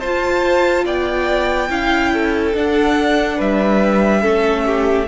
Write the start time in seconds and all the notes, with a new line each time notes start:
0.00 F4 C5 A5
0.85 B3 D5 G5
1.69 C#4 E4 F5
2.13 A4
2.54 D4 F#5
3.37 G3 B4 E5
4.21 A3 C#4 A4
4.66 G4